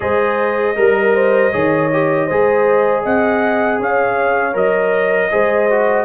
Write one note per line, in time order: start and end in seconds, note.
0.00 0.76 G#3
0.00 0.75 G#4
0.00 0.77 C5
0.00 3.03 D#5
0.75 1.53 G3
0.75 1.51 A#4
0.75 1.13 A#4
1.13 1.51 C5
1.52 2.30 D#3
1.52 1.90 G#4
1.52 2.27 C#5
1.93 2.30 G4
2.27 3.05 G#3
2.27 4.53 G#4
2.27 3.02 C5
3.02 3.79 C4
3.02 3.78 D#5
3.02 3.80 F#5
3.79 4.54 C#4
3.79 5.31 C#5
3.79 4.56 F5
4.53 5.30 F#3
4.53 5.29 A#4
4.53 6.05 D#5
5.31 6.05 G#3
5.31 5.69 G#4
5.31 6.05 C5
5.70 6.05 F#4